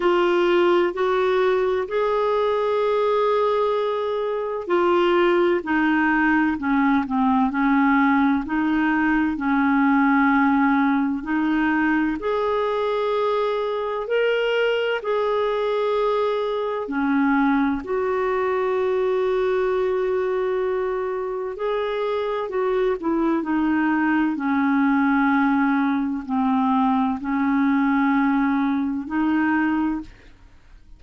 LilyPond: \new Staff \with { instrumentName = "clarinet" } { \time 4/4 \tempo 4 = 64 f'4 fis'4 gis'2~ | gis'4 f'4 dis'4 cis'8 c'8 | cis'4 dis'4 cis'2 | dis'4 gis'2 ais'4 |
gis'2 cis'4 fis'4~ | fis'2. gis'4 | fis'8 e'8 dis'4 cis'2 | c'4 cis'2 dis'4 | }